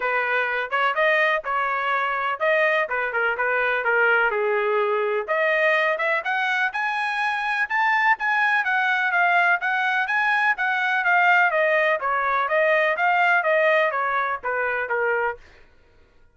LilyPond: \new Staff \with { instrumentName = "trumpet" } { \time 4/4 \tempo 4 = 125 b'4. cis''8 dis''4 cis''4~ | cis''4 dis''4 b'8 ais'8 b'4 | ais'4 gis'2 dis''4~ | dis''8 e''8 fis''4 gis''2 |
a''4 gis''4 fis''4 f''4 | fis''4 gis''4 fis''4 f''4 | dis''4 cis''4 dis''4 f''4 | dis''4 cis''4 b'4 ais'4 | }